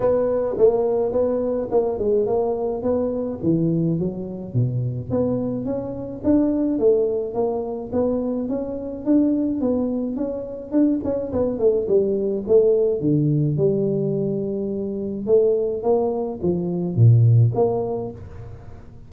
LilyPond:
\new Staff \with { instrumentName = "tuba" } { \time 4/4 \tempo 4 = 106 b4 ais4 b4 ais8 gis8 | ais4 b4 e4 fis4 | b,4 b4 cis'4 d'4 | a4 ais4 b4 cis'4 |
d'4 b4 cis'4 d'8 cis'8 | b8 a8 g4 a4 d4 | g2. a4 | ais4 f4 ais,4 ais4 | }